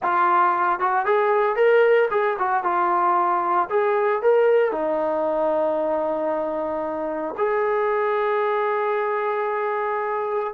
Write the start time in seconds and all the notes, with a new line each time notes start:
0.03 F4
0.79 F#4
1.05 G#4
1.56 A#4
2.10 G#4
2.39 F#4
2.63 F4
3.69 G#4
4.22 A#4
4.71 D#4
7.37 G#4